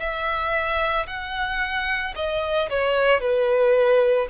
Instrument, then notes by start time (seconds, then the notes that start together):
violin
0.00 E5
1.07 F#5
2.16 D#5
2.70 C#5
3.21 B4